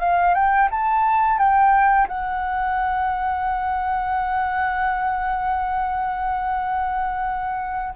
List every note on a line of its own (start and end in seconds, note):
0.00 0.34 F5
0.35 0.69 G5
0.71 1.39 A5
1.39 2.08 G5
2.08 7.95 F#5